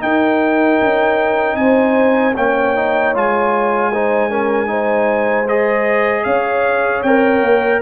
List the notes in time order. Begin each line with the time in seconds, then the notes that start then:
0.00 D#4 A#4 G5
0.82 C#4
1.56 C4 C5 G#5
2.35 A#3 C#4 C#5 G5
2.76 D#4
3.15 G#3 F4 G#5
3.92 D#4 C5
4.30 C#4 A#4
4.67 D#4 C5
5.49 G#4 D#5
6.24 C#4 C#5 F5
7.03 C4 A#4 G5
7.41 A#3